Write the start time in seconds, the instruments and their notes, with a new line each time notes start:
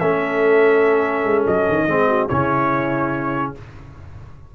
0.00 tuba A3, trombone C#4, horn A4, trumpet E5
1.25 tuba G#3
1.47 tuba F#3, trumpet D#5
1.69 tuba D#3
1.86 tuba G#3, trombone C4, horn G#4
2.08 horn F#4
2.29 tuba C#3, trombone C#4, horn E4, trumpet C#5